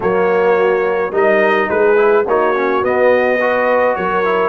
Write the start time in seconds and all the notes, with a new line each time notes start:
0.00 F#3 A#3 F#4 C#5
1.11 G3 D#4 A#4 D#5
1.68 G#3 G#4 B4
1.96 E4
2.26 A#3 D#4 F#4 C#5
2.55 C#4
2.82 B3 D#5
3.39 F#4 B4
3.95 F#3 A#4 C#5
4.24 E4